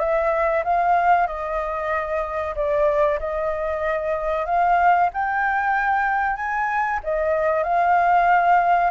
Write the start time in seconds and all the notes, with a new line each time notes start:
0.00 E5
0.65 F5
1.28 D#5
2.56 D5
3.20 D#5
4.46 F5
5.14 G5
6.37 G#5
7.04 D#5
7.64 F5